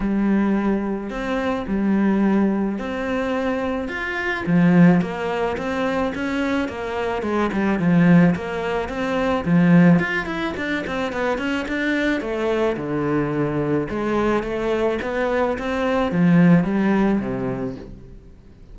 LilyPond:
\new Staff \with { instrumentName = "cello" } { \time 4/4 \tempo 4 = 108 g2 c'4 g4~ | g4 c'2 f'4 | f4 ais4 c'4 cis'4 | ais4 gis8 g8 f4 ais4 |
c'4 f4 f'8 e'8 d'8 c'8 | b8 cis'8 d'4 a4 d4~ | d4 gis4 a4 b4 | c'4 f4 g4 c4 | }